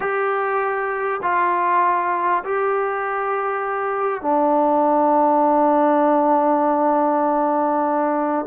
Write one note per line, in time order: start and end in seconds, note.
0.00 1.20 G4
1.22 2.43 F4
2.44 4.21 G4
4.21 8.45 D4